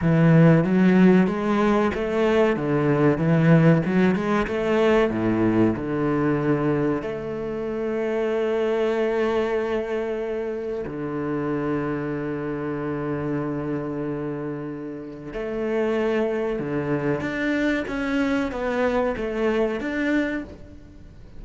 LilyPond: \new Staff \with { instrumentName = "cello" } { \time 4/4 \tempo 4 = 94 e4 fis4 gis4 a4 | d4 e4 fis8 gis8 a4 | a,4 d2 a4~ | a1~ |
a4 d2.~ | d1 | a2 d4 d'4 | cis'4 b4 a4 d'4 | }